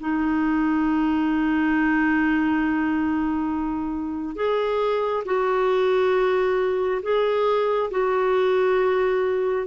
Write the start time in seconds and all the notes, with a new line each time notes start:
0.00 D#4
4.35 G#4
5.25 F#4
7.02 G#4
7.91 F#4